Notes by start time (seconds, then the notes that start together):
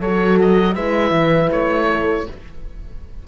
0.00 F#3 F#4 A4 C#5
0.42 D#5
0.75 G#3 E4 B4 E5
1.11 E3
1.52 A3 C#5
1.90 A4